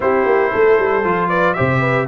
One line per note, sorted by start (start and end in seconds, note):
0.00 0.25 C4
0.00 1.03 E4
0.00 0.51 G4
0.00 1.28 C5
0.25 0.51 A#3
0.51 0.78 A3
0.51 1.29 A4
0.78 1.04 G3
1.04 1.56 F3
1.04 1.56 F4
1.28 1.55 B4
1.28 1.53 D5
1.53 2.07 C3
1.53 2.07 G4
1.53 1.80 C5
1.53 2.05 E5
1.80 2.06 B4